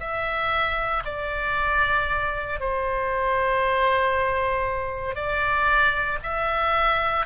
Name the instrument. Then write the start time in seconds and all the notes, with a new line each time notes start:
oboe
0.00 E5
1.05 D5
2.61 C5
5.15 D5
6.23 E5